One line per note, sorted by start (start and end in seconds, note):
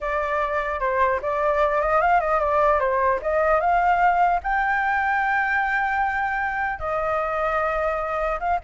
0.00 0.80 D5
0.80 1.20 C5
1.21 1.81 D5
1.81 2.01 D#5
2.01 2.20 F5
2.20 2.40 D#5
2.40 2.79 D5
2.79 3.19 C5
3.22 3.60 D#5
3.60 4.40 F5
4.43 6.79 G5
6.79 8.39 D#5
8.39 8.59 F5